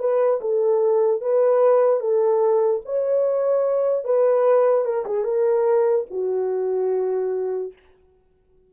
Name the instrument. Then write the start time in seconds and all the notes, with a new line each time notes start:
horn
0.00 B4
0.41 A4
1.22 B4
2.00 A4
2.86 C#5
4.05 B4
4.85 A#4
5.06 G#4
5.24 A#4
6.11 F#4